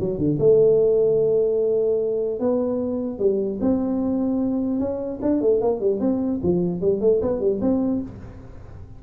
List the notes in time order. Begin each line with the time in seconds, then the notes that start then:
0.00 F#3
0.18 D3
0.40 A3
2.40 B3
3.19 G3
3.61 C4
4.80 C#4
5.22 D4
5.42 A3
5.61 A#3
5.81 G3
6.01 C4
6.43 F3
6.81 G3
7.01 A3
7.22 B3
7.41 G3
7.62 C4